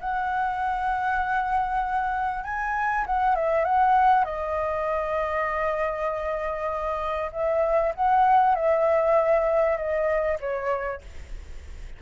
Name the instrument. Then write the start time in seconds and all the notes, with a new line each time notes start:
flute
0.00 F#5
2.44 G#5
3.06 F#5
3.35 E5
3.65 F#5
4.24 D#5
7.32 E5
7.95 F#5
8.55 E5
9.77 D#5
10.40 C#5